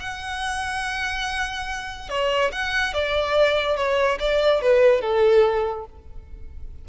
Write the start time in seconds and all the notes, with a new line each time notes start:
0.00 F#5
2.10 C#5
2.53 F#5
2.94 D5
3.77 C#5
4.20 D5
4.62 B4
5.02 A4